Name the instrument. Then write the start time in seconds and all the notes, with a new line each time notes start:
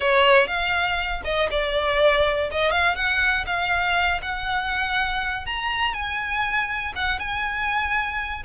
violin
0.00 C#5
0.47 F5
1.24 D#5
1.51 D5
2.51 D#5
2.71 F5
2.95 F#5
3.46 F5
4.21 F#5
5.45 A#5
5.93 G#5
6.95 F#5
7.19 G#5